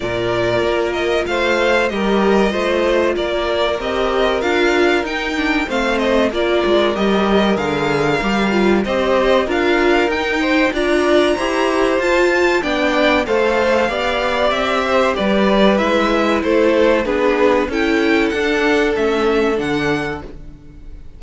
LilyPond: <<
  \new Staff \with { instrumentName = "violin" } { \time 4/4 \tempo 4 = 95 d''4. dis''8 f''4 dis''4~ | dis''4 d''4 dis''4 f''4 | g''4 f''8 dis''8 d''4 dis''4 | f''2 dis''4 f''4 |
g''4 ais''2 a''4 | g''4 f''2 e''4 | d''4 e''4 c''4 b'4 | g''4 fis''4 e''4 fis''4 | }
  \new Staff \with { instrumentName = "violin" } { \time 4/4 ais'2 c''4 ais'4 | c''4 ais'2.~ | ais'4 c''4 ais'2~ | ais'2 c''4 ais'4~ |
ais'8 c''8 d''4 c''2 | d''4 c''4 d''4. c''8 | b'2 a'4 gis'4 | a'1 | }
  \new Staff \with { instrumentName = "viola" } { \time 4/4 f'2. g'4 | f'2 g'4 f'4 | dis'8 d'8 c'4 f'4 g'4 | gis'4 g'8 f'8 g'4 f'4 |
dis'4 f'4 g'4 f'4 | d'4 a'4 g'2~ | g'4 e'2 d'4 | e'4 d'4 cis'4 d'4 | }
  \new Staff \with { instrumentName = "cello" } { \time 4/4 ais,4 ais4 a4 g4 | a4 ais4 c'4 d'4 | dis'4 a4 ais8 gis8 g4 | d4 g4 c'4 d'4 |
dis'4 d'4 e'4 f'4 | b4 a4 b4 c'4 | g4 gis4 a4 b4 | cis'4 d'4 a4 d4 | }
>>